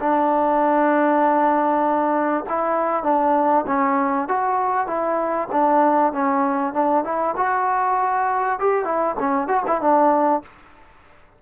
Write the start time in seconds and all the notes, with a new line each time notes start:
0.00 D4
2.49 E4
3.04 D4
3.67 C#4
4.29 F#4
4.87 E4
5.52 D4
6.13 C#4
6.74 D4
7.04 E4
7.37 F#4
8.60 G4
8.85 E4
9.20 C#4
9.48 F#4
9.67 E4
9.81 D4